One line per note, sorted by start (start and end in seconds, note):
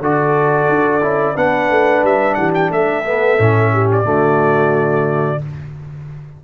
0.00 0.67 D3
0.00 1.02 F#4
0.00 1.34 A4
0.00 1.37 D5
0.69 1.02 D4
1.02 1.36 C#4
1.02 1.35 E4
1.34 1.70 B3
1.34 3.04 D4
1.34 2.36 B4
1.34 2.05 F#5
1.70 2.03 A3
2.03 2.37 G3
2.03 2.34 E5
2.34 2.70 E3
2.34 2.72 G4
2.34 2.51 F#5
2.54 2.71 G5
2.70 3.37 A3
2.70 3.73 A4
2.70 3.90 E5
3.05 3.38 B3
3.39 4.05 A2
3.39 4.04 C#4
3.73 4.06 G4
3.92 5.44 D5
4.04 5.39 D3
4.04 5.39 A3
4.04 5.41 F#4